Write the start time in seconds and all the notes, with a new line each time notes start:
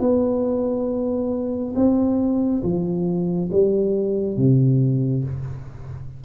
0.00 B3
1.75 C4
2.63 F3
3.52 G3
4.37 C3